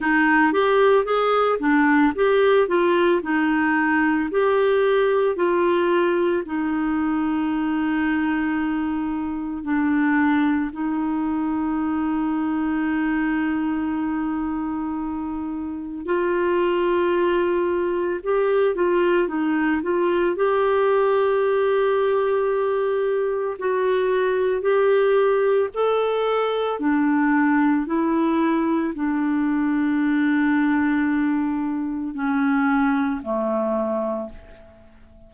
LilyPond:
\new Staff \with { instrumentName = "clarinet" } { \time 4/4 \tempo 4 = 56 dis'8 g'8 gis'8 d'8 g'8 f'8 dis'4 | g'4 f'4 dis'2~ | dis'4 d'4 dis'2~ | dis'2. f'4~ |
f'4 g'8 f'8 dis'8 f'8 g'4~ | g'2 fis'4 g'4 | a'4 d'4 e'4 d'4~ | d'2 cis'4 a4 | }